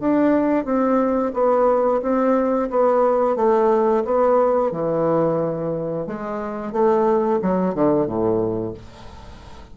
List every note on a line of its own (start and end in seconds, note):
0.00 0.65 D4
0.65 1.32 C4
1.34 2.01 B3
2.02 2.69 C4
2.70 3.36 B3
3.36 4.04 A3
4.05 4.72 B3
4.72 6.07 E3
6.07 6.72 G#3
6.72 7.40 A3
7.42 7.75 F#3
7.75 8.07 D3
8.07 8.74 A2